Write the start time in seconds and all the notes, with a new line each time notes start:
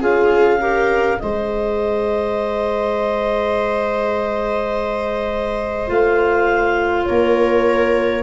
0.00 C#4 F4 G#4 F5
0.60 G4 A#4
1.19 G#3 G#4 C5 D#5
5.87 A3 F4 F5
7.06 A#3 A#4 C#5